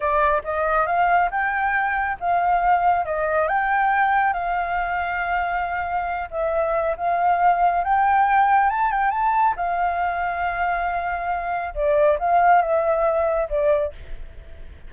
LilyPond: \new Staff \with { instrumentName = "flute" } { \time 4/4 \tempo 4 = 138 d''4 dis''4 f''4 g''4~ | g''4 f''2 dis''4 | g''2 f''2~ | f''2~ f''8 e''4. |
f''2 g''2 | a''8 g''8 a''4 f''2~ | f''2. d''4 | f''4 e''2 d''4 | }